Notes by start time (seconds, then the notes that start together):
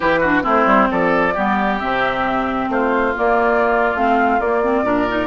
0.00 E3 E4 G4 B4
0.20 D4 F#4
0.42 A3 C4 E4 C5
0.65 G3
0.90 F3 A4 D5
1.34 G3 B3 G4
1.79 C3 C4 E5
2.68 A3 F4 C5
3.15 A#3 D5
3.94 A3 C4 F5
4.39 A#3 D5
4.63 C4
4.81 A#2 D4 A#4
5.08 D#4